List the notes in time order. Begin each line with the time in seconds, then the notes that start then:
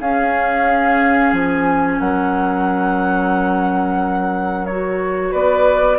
0.00 C#4 G#4 F5
1.33 F3 G#5
2.00 F#3 A#4 F#5
4.66 F#4 C#5
5.31 B3 B4 D5